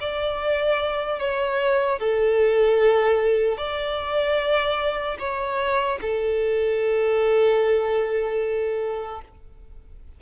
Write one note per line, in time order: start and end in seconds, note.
0.00 1.19 D5
1.19 1.99 C#5
1.99 3.57 A4
3.57 5.17 D5
5.19 5.99 C#5
6.01 9.21 A4